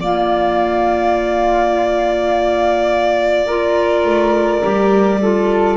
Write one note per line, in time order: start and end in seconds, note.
0.00 4.05 A#3
0.00 3.48 A#3
0.00 3.46 F4
0.00 5.77 D5
3.46 4.62 F4
3.46 5.19 A#4
4.05 4.62 A3
4.62 5.77 G3
4.62 5.20 G4
5.21 5.77 F4
5.21 5.77 A4